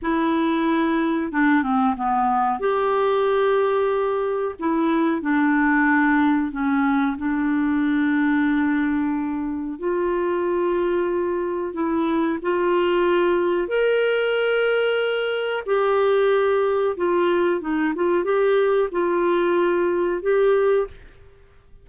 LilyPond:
\new Staff \with { instrumentName = "clarinet" } { \time 4/4 \tempo 4 = 92 e'2 d'8 c'8 b4 | g'2. e'4 | d'2 cis'4 d'4~ | d'2. f'4~ |
f'2 e'4 f'4~ | f'4 ais'2. | g'2 f'4 dis'8 f'8 | g'4 f'2 g'4 | }